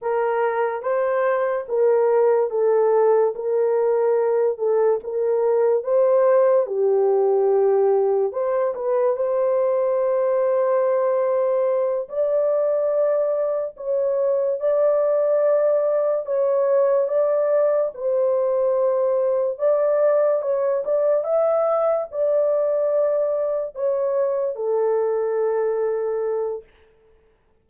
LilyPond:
\new Staff \with { instrumentName = "horn" } { \time 4/4 \tempo 4 = 72 ais'4 c''4 ais'4 a'4 | ais'4. a'8 ais'4 c''4 | g'2 c''8 b'8 c''4~ | c''2~ c''8 d''4.~ |
d''8 cis''4 d''2 cis''8~ | cis''8 d''4 c''2 d''8~ | d''8 cis''8 d''8 e''4 d''4.~ | d''8 cis''4 a'2~ a'8 | }